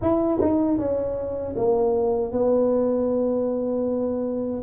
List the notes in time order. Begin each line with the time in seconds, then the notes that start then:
0.01 E4
0.41 D#4
0.78 C#4
1.56 A#3
2.31 B3